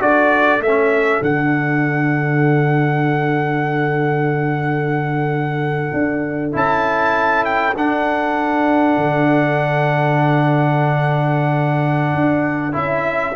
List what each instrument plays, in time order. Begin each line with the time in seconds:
0.00 tuba D4, trombone F#4, horn A4, trumpet D5
0.60 tuba A3, trumpet E5
0.68 trombone C#4
1.22 tuba D3, trombone D4, trumpet F#5
5.93 tuba D4
6.53 tuba C#4, trombone E4, trumpet A5
7.45 trumpet G5
7.76 tuba D4, trombone D4, trumpet F#5
8.97 tuba D3
12.15 tuba D4
12.73 tuba C#4, trombone E4, trumpet E5